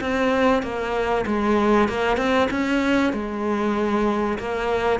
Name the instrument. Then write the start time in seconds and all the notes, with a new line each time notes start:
cello
0.00 C4
0.62 A#3
1.26 G#3
1.88 A#3
2.17 C4
2.50 C#4
3.12 G#3
4.38 A#3